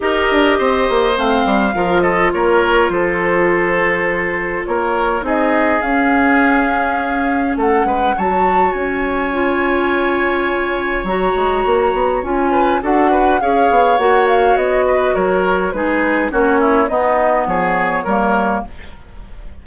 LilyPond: <<
  \new Staff \with { instrumentName = "flute" } { \time 4/4 \tempo 4 = 103 dis''2 f''4. dis''8 | cis''4 c''2. | cis''4 dis''4 f''2~ | f''4 fis''4 a''4 gis''4~ |
gis''2. ais''4~ | ais''4 gis''4 fis''4 f''4 | fis''8 f''8 dis''4 cis''4 b'4 | cis''4 dis''4 cis''2 | }
  \new Staff \with { instrumentName = "oboe" } { \time 4/4 ais'4 c''2 ais'8 a'8 | ais'4 a'2. | ais'4 gis'2.~ | gis'4 a'8 b'8 cis''2~ |
cis''1~ | cis''4. b'8 a'8 b'8 cis''4~ | cis''4. b'8 ais'4 gis'4 | fis'8 e'8 dis'4 gis'4 ais'4 | }
  \new Staff \with { instrumentName = "clarinet" } { \time 4/4 g'2 c'4 f'4~ | f'1~ | f'4 dis'4 cis'2~ | cis'2 fis'2 |
f'2. fis'4~ | fis'4 f'4 fis'4 gis'4 | fis'2. dis'4 | cis'4 b2 ais4 | }
  \new Staff \with { instrumentName = "bassoon" } { \time 4/4 dis'8 d'8 c'8 ais8 a8 g8 f4 | ais4 f2. | ais4 c'4 cis'2~ | cis'4 a8 gis8 fis4 cis'4~ |
cis'2. fis8 gis8 | ais8 b8 cis'4 d'4 cis'8 b8 | ais4 b4 fis4 gis4 | ais4 b4 f4 g4 | }
>>